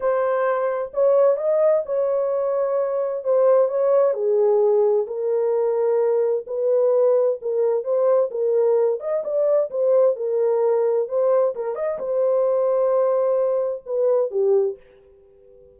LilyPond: \new Staff \with { instrumentName = "horn" } { \time 4/4 \tempo 4 = 130 c''2 cis''4 dis''4 | cis''2. c''4 | cis''4 gis'2 ais'4~ | ais'2 b'2 |
ais'4 c''4 ais'4. dis''8 | d''4 c''4 ais'2 | c''4 ais'8 dis''8 c''2~ | c''2 b'4 g'4 | }